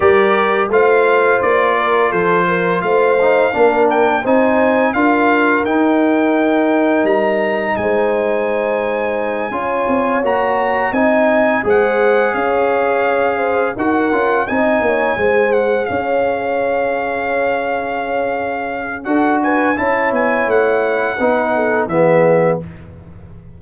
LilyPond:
<<
  \new Staff \with { instrumentName = "trumpet" } { \time 4/4 \tempo 4 = 85 d''4 f''4 d''4 c''4 | f''4. g''8 gis''4 f''4 | g''2 ais''4 gis''4~ | gis''2~ gis''8 ais''4 gis''8~ |
gis''8 fis''4 f''2 fis''8~ | fis''8 gis''4. fis''8 f''4.~ | f''2. fis''8 gis''8 | a''8 gis''8 fis''2 e''4 | }
  \new Staff \with { instrumentName = "horn" } { \time 4/4 ais'4 c''4. ais'8 a'8 ais'8 | c''4 ais'4 c''4 ais'4~ | ais'2. c''4~ | c''4. cis''2 dis''8~ |
dis''8 c''4 cis''4. c''8 ais'8~ | ais'8 dis''8 cis''8 c''4 cis''4.~ | cis''2. a'8 b'8 | cis''2 b'8 a'8 gis'4 | }
  \new Staff \with { instrumentName = "trombone" } { \time 4/4 g'4 f'2.~ | f'8 dis'8 d'4 dis'4 f'4 | dis'1~ | dis'4. f'4 fis'4 dis'8~ |
dis'8 gis'2. fis'8 | f'8 dis'4 gis'2~ gis'8~ | gis'2. fis'4 | e'2 dis'4 b4 | }
  \new Staff \with { instrumentName = "tuba" } { \time 4/4 g4 a4 ais4 f4 | a4 ais4 c'4 d'4 | dis'2 g4 gis4~ | gis4. cis'8 c'8 ais4 c'8~ |
c'8 gis4 cis'2 dis'8 | cis'8 c'8 ais8 gis4 cis'4.~ | cis'2. d'4 | cis'8 b8 a4 b4 e4 | }
>>